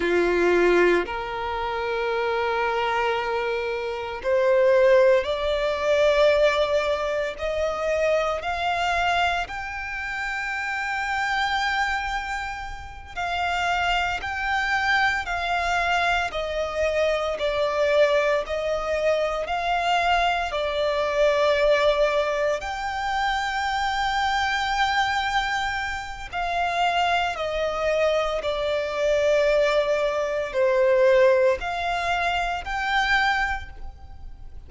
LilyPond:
\new Staff \with { instrumentName = "violin" } { \time 4/4 \tempo 4 = 57 f'4 ais'2. | c''4 d''2 dis''4 | f''4 g''2.~ | g''8 f''4 g''4 f''4 dis''8~ |
dis''8 d''4 dis''4 f''4 d''8~ | d''4. g''2~ g''8~ | g''4 f''4 dis''4 d''4~ | d''4 c''4 f''4 g''4 | }